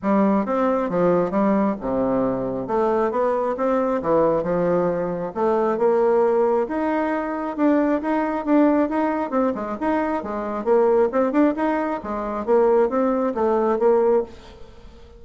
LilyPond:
\new Staff \with { instrumentName = "bassoon" } { \time 4/4 \tempo 4 = 135 g4 c'4 f4 g4 | c2 a4 b4 | c'4 e4 f2 | a4 ais2 dis'4~ |
dis'4 d'4 dis'4 d'4 | dis'4 c'8 gis8 dis'4 gis4 | ais4 c'8 d'8 dis'4 gis4 | ais4 c'4 a4 ais4 | }